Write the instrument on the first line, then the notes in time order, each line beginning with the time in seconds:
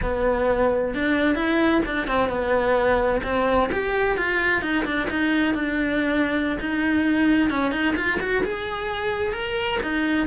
cello
0.02 B3
0.94 D4
1.35 E4
1.85 D4
2.07 C4
2.29 B3
3.23 C4
3.72 G4
4.17 F4
4.61 D#4
4.85 D4
5.10 D#4
5.54 D4
6.59 D#4
7.49 C#4
7.71 D#4
7.96 F4
8.20 F#4
8.44 G#4
9.32 A#4
9.83 D#4